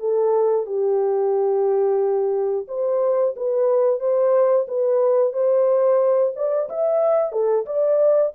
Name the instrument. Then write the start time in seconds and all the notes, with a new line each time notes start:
horn
0.00 A4
0.66 G4
2.68 C5
3.36 B4
4.00 C5
4.68 B4
5.33 C5
6.36 D5
6.69 E5
7.32 A4
7.66 D5